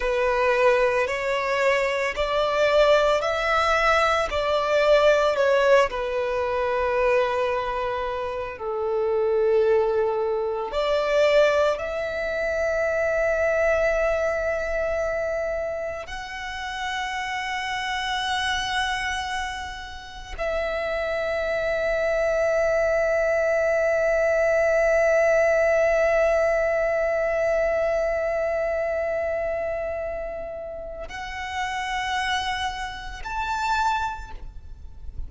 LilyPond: \new Staff \with { instrumentName = "violin" } { \time 4/4 \tempo 4 = 56 b'4 cis''4 d''4 e''4 | d''4 cis''8 b'2~ b'8 | a'2 d''4 e''4~ | e''2. fis''4~ |
fis''2. e''4~ | e''1~ | e''1~ | e''4 fis''2 a''4 | }